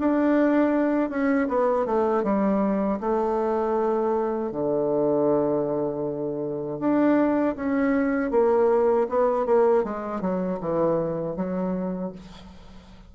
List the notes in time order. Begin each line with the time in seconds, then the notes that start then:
0.00 D4
1.10 C#4
1.49 B3
1.86 A3
2.24 G3
3.00 A3
4.52 D3
6.80 D4
7.56 C#4
8.31 A#3
9.09 B3
9.46 A#3
9.84 G#3
10.21 F#3
10.61 E3
11.36 F#3